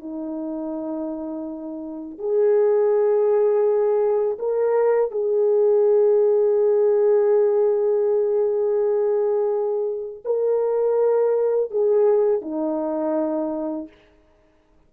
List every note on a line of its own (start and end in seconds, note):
0.00 2.19 D#4
2.19 4.38 G#4
4.39 5.12 A#4
5.12 10.24 G#4
10.25 11.71 A#4
11.71 12.42 G#4
12.42 13.89 D#4